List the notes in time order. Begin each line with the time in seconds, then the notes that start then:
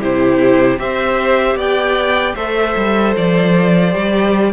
0.00 C3 E4 G4 C5
0.78 C4 G4 C5 E5
1.55 B3 D5 G5
2.35 A3 A4 C5 E5
2.76 G3
3.16 F3 D5
3.91 G3 G4